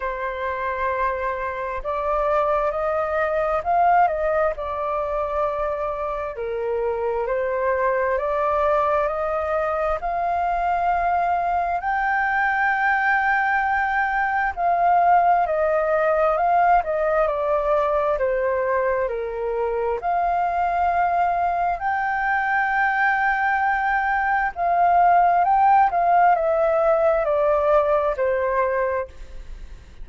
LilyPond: \new Staff \with { instrumentName = "flute" } { \time 4/4 \tempo 4 = 66 c''2 d''4 dis''4 | f''8 dis''8 d''2 ais'4 | c''4 d''4 dis''4 f''4~ | f''4 g''2. |
f''4 dis''4 f''8 dis''8 d''4 | c''4 ais'4 f''2 | g''2. f''4 | g''8 f''8 e''4 d''4 c''4 | }